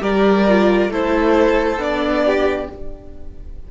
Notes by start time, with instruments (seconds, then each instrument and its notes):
0.00 cello G3, viola G4, violin A#4 D5
0.48 viola F4
0.88 cello A3, viola E4, violin A4 C5
1.77 cello B3, viola D4, violin D5
2.25 violin G4